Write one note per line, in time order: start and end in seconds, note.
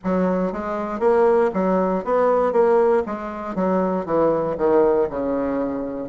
0.04 0.52 F#3
0.52 0.99 G#3
0.99 1.50 A#3
1.53 2.04 F#3
2.04 2.52 B3
2.52 3.03 A#3
3.06 3.55 G#3
3.55 4.05 F#3
4.05 4.56 E3
4.57 5.08 D#3
5.09 6.08 C#3